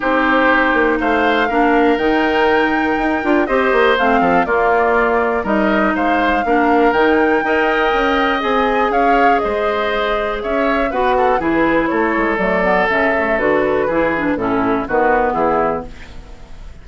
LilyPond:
<<
  \new Staff \with { instrumentName = "flute" } { \time 4/4 \tempo 4 = 121 c''2 f''2 | g''2. dis''4 | f''4 d''2 dis''4 | f''2 g''2~ |
g''4 gis''4 f''4 dis''4~ | dis''4 e''4 fis''4 b'4 | cis''4 d''4 e''4 b'4~ | b'4 a'4 b'4 gis'4 | }
  \new Staff \with { instrumentName = "oboe" } { \time 4/4 g'2 c''4 ais'4~ | ais'2. c''4~ | c''8 a'8 f'2 ais'4 | c''4 ais'2 dis''4~ |
dis''2 cis''4 c''4~ | c''4 cis''4 b'8 a'8 gis'4 | a'1 | gis'4 e'4 fis'4 e'4 | }
  \new Staff \with { instrumentName = "clarinet" } { \time 4/4 dis'2. d'4 | dis'2~ dis'8 f'8 g'4 | c'4 ais2 dis'4~ | dis'4 d'4 dis'4 ais'4~ |
ais'4 gis'2.~ | gis'2 fis'4 e'4~ | e'4 a8 b8 cis'8 a8 fis'4 | e'8 d'8 cis'4 b2 | }
  \new Staff \with { instrumentName = "bassoon" } { \time 4/4 c'4. ais8 a4 ais4 | dis2 dis'8 d'8 c'8 ais8 | a8 f8 ais2 g4 | gis4 ais4 dis4 dis'4 |
cis'4 c'4 cis'4 gis4~ | gis4 cis'4 b4 e4 | a8 gis8 fis4 cis4 d4 | e4 a,4 dis4 e4 | }
>>